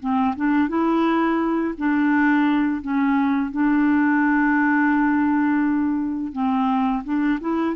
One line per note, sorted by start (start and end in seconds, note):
0.00 0.35 C4
0.36 0.69 D4
0.69 1.75 E4
1.78 2.82 D4
2.82 3.51 C#4
3.51 6.33 D4
6.33 7.03 C4
7.04 7.40 D4
7.41 7.76 E4